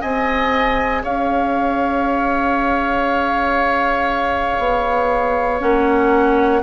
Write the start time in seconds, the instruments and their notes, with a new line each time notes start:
0.00 bassoon C4, clarinet G#4, oboe D#5, flute G#5
1.03 bassoon C#4, oboe C#5, flute F5
4.59 bassoon B3
5.60 bassoon A#3, clarinet C#4, flute F#5